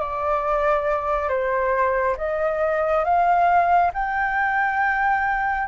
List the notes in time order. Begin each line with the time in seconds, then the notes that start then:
0.00 D5
1.30 C5
2.18 D#5
3.05 F5
3.94 G5